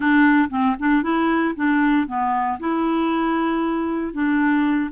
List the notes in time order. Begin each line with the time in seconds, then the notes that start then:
0.00 D4
0.50 C4
0.79 D4
1.03 E4
1.55 D4
2.07 B3
2.59 E4
4.13 D4